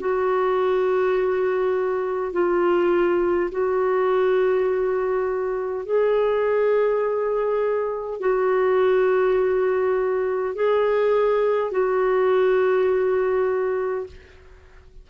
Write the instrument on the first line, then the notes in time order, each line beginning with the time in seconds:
clarinet
0.00 F#4
2.33 F4
3.51 F#4
5.86 G#4
8.20 F#4
10.55 G#4
11.71 F#4